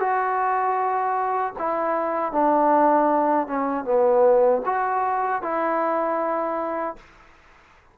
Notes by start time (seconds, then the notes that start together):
0.00 F#4
1.59 E4
2.33 D4
3.47 C#4
3.85 B3
4.65 F#4
5.42 E4